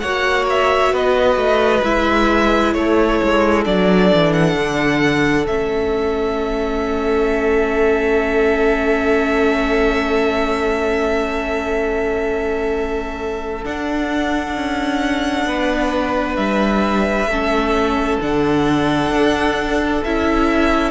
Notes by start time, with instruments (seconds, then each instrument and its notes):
0.00 cello A#3, viola F#4, violin C#5 F#5
0.50 violin E5
0.93 cello B3, violin B4 D#5
1.37 cello A3
1.84 cello G#3, viola E4, violin E5
2.73 cello A3, violin A4 C#5
3.23 cello G#3
3.65 cello F#3, viola D4, violin D5
4.14 cello E3
4.33 violin F#5
4.55 cello D3
5.47 cello A3, viola C#4, violin E5
13.64 viola D4, cello D4, violin F#5
14.56 cello C#4
15.46 cello B3, violin B4
16.36 cello G3, violin E5
17.27 cello A3, viola C#4, violin A4
18.22 cello D3, viola D4, violin F#5
19.12 cello D4
20.04 cello C#4, viola E4, violin E5